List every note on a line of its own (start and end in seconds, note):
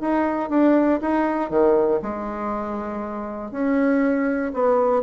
0.00 0.49 D#4
0.49 0.99 D4
1.01 1.50 D#4
1.50 2.00 D#3
2.02 3.51 G#3
3.51 4.52 C#4
4.53 5.02 B3